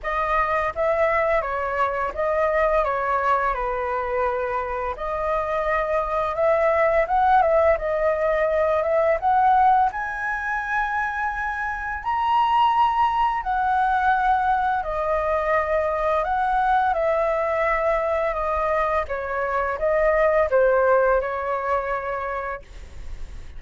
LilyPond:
\new Staff \with { instrumentName = "flute" } { \time 4/4 \tempo 4 = 85 dis''4 e''4 cis''4 dis''4 | cis''4 b'2 dis''4~ | dis''4 e''4 fis''8 e''8 dis''4~ | dis''8 e''8 fis''4 gis''2~ |
gis''4 ais''2 fis''4~ | fis''4 dis''2 fis''4 | e''2 dis''4 cis''4 | dis''4 c''4 cis''2 | }